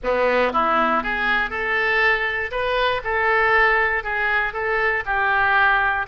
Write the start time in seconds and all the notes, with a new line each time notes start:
0.03 B3
0.52 E4
1.03 G#4
1.50 A4
2.51 B4
3.04 A4
4.03 G#4
4.53 A4
5.05 G4